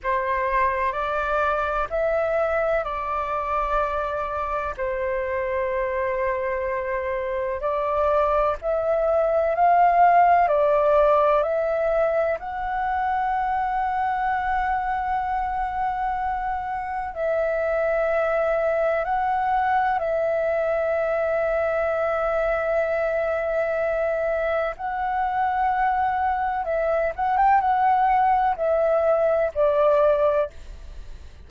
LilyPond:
\new Staff \with { instrumentName = "flute" } { \time 4/4 \tempo 4 = 63 c''4 d''4 e''4 d''4~ | d''4 c''2. | d''4 e''4 f''4 d''4 | e''4 fis''2.~ |
fis''2 e''2 | fis''4 e''2.~ | e''2 fis''2 | e''8 fis''16 g''16 fis''4 e''4 d''4 | }